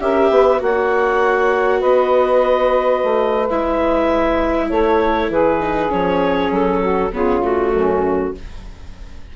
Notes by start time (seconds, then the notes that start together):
0.00 C#4 G4 A#4 E5
0.30 B3 B4
0.57 A#3 F#4 C#5 F#5
1.79 B3 B4 D#5
3.03 A3
3.48 G#3 E4 E5
4.69 A3 A4 C#5
5.29 E3 G#4 B4
5.59 D#4
5.89 F3 C#4 C#5
6.51 F#3 A4
6.80 F#4
7.12 C#3 B3 F4 G#4
7.41 A3 F#4
7.73 F#2 C#4